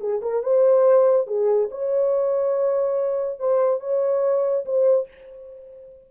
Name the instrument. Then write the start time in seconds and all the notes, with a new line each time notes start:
horn
0.00 G#4
0.22 A#4
0.43 C5
1.27 G#4
1.71 C#5
3.39 C5
3.80 C#5
4.65 C5